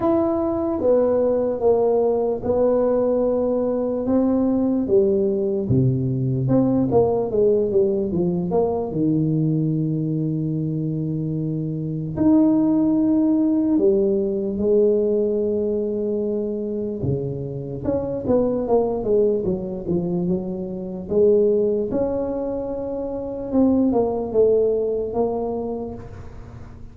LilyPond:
\new Staff \with { instrumentName = "tuba" } { \time 4/4 \tempo 4 = 74 e'4 b4 ais4 b4~ | b4 c'4 g4 c4 | c'8 ais8 gis8 g8 f8 ais8 dis4~ | dis2. dis'4~ |
dis'4 g4 gis2~ | gis4 cis4 cis'8 b8 ais8 gis8 | fis8 f8 fis4 gis4 cis'4~ | cis'4 c'8 ais8 a4 ais4 | }